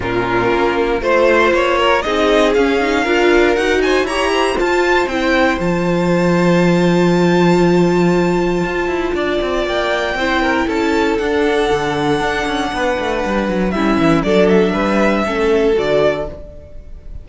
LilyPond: <<
  \new Staff \with { instrumentName = "violin" } { \time 4/4 \tempo 4 = 118 ais'2 c''4 cis''4 | dis''4 f''2 fis''8 gis''8 | ais''4 a''4 g''4 a''4~ | a''1~ |
a''2. g''4~ | g''4 a''4 fis''2~ | fis''2. e''4 | d''8 e''2~ e''8 d''4 | }
  \new Staff \with { instrumentName = "violin" } { \time 4/4 f'2 c''4. ais'8 | gis'2 ais'4. c''8 | cis''8 c''2.~ c''8~ | c''1~ |
c''2 d''2 | c''8 ais'8 a'2.~ | a'4 b'2 e'4 | a'4 b'4 a'2 | }
  \new Staff \with { instrumentName = "viola" } { \time 4/4 cis'2 f'2 | dis'4 cis'8 dis'8 f'4 fis'4 | g'4 f'4 e'4 f'4~ | f'1~ |
f'1 | e'2 d'2~ | d'2. cis'4 | d'2 cis'4 fis'4 | }
  \new Staff \with { instrumentName = "cello" } { \time 4/4 ais,4 ais4 a4 ais4 | c'4 cis'4 d'4 dis'4 | e'4 f'4 c'4 f4~ | f1~ |
f4 f'8 e'8 d'8 c'8 ais4 | c'4 cis'4 d'4 d4 | d'8 cis'8 b8 a8 g8 fis8 g8 e8 | fis4 g4 a4 d4 | }
>>